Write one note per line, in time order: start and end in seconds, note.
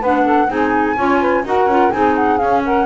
0.00 0.49 B3
0.00 0.48 D4
0.00 0.24 B4
0.00 0.50 F#5
0.25 0.49 A4
0.48 0.96 C4
0.48 0.96 D#4
0.48 0.96 G#4
0.48 1.45 G#5
0.96 1.44 C#4
0.96 1.45 F4
0.96 1.20 C#5
1.21 1.44 B4
1.45 1.66 D#4
1.45 1.69 F#4
1.45 1.93 A#4
1.45 1.92 F#5
1.66 1.90 C#4
1.66 1.91 F4
1.91 2.41 C4
1.91 2.39 D#4
1.91 2.65 G#4
1.91 2.15 G#5
2.15 2.38 F#5
2.38 2.86 C#4
2.38 2.62 F5
2.65 2.86 A#4
2.65 2.86 F#5